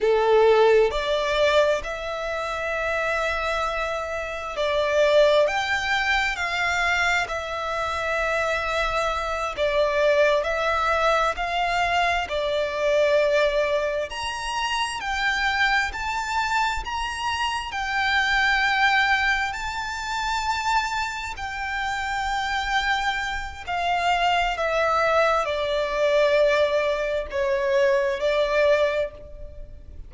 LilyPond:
\new Staff \with { instrumentName = "violin" } { \time 4/4 \tempo 4 = 66 a'4 d''4 e''2~ | e''4 d''4 g''4 f''4 | e''2~ e''8 d''4 e''8~ | e''8 f''4 d''2 ais''8~ |
ais''8 g''4 a''4 ais''4 g''8~ | g''4. a''2 g''8~ | g''2 f''4 e''4 | d''2 cis''4 d''4 | }